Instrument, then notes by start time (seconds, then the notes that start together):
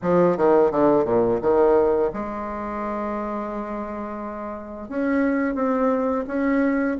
bassoon
0.02 F3
0.37 D#3
0.71 D3
1.04 A#2
1.41 D#3
2.13 G#3
4.88 C#4
5.55 C4
6.27 C#4